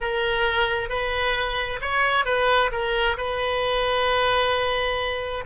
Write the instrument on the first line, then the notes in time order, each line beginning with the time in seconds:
oboe
0.00 A#4
0.89 B4
1.81 C#5
2.25 B4
2.71 A#4
3.17 B4